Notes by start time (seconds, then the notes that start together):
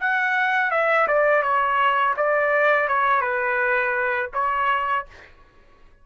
0.00 F#5
0.71 E5
1.08 D5
1.42 C#5
2.17 D5
2.88 C#5
3.21 B4
4.33 C#5